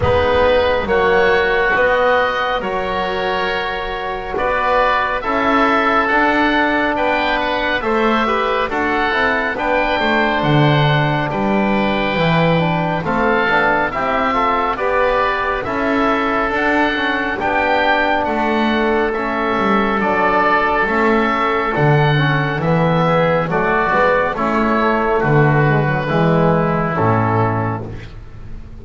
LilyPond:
<<
  \new Staff \with { instrumentName = "oboe" } { \time 4/4 \tempo 4 = 69 b'4 cis''4 dis''4 cis''4~ | cis''4 d''4 e''4 fis''4 | g''8 fis''8 e''4 fis''4 g''4 | fis''4 g''2 f''4 |
e''4 d''4 e''4 fis''4 | g''4 fis''4 e''4 d''4 | e''4 fis''4 e''4 d''4 | cis''4 b'2 a'4 | }
  \new Staff \with { instrumentName = "oboe" } { \time 4/4 dis'4 fis'2 ais'4~ | ais'4 b'4 a'2 | b'4 c''8 b'8 a'4 b'8 c''8~ | c''4 b'2 a'4 |
g'8 a'8 b'4 a'2 | g'4 a'2.~ | a'2~ a'8 gis'8 fis'4 | e'4 fis'4 e'2 | }
  \new Staff \with { instrumentName = "trombone" } { \time 4/4 b4 ais4 b4 fis'4~ | fis'2 e'4 d'4~ | d'4 a'8 g'8 fis'8 e'8 d'4~ | d'2 e'8 d'8 c'8 d'8 |
e'8 f'8 g'4 e'4 d'8 cis'8 | d'2 cis'4 d'4 | cis'4 d'8 cis'8 b4 a8 b8 | cis'8 a4 gis16 fis16 gis4 cis'4 | }
  \new Staff \with { instrumentName = "double bass" } { \time 4/4 gis4 fis4 b4 fis4~ | fis4 b4 cis'4 d'4 | b4 a4 d'8 c'8 b8 a8 | d4 g4 e4 a8 b8 |
c'4 b4 cis'4 d'4 | b4 a4. g8 fis4 | a4 d4 e4 fis8 gis8 | a4 d4 e4 a,4 | }
>>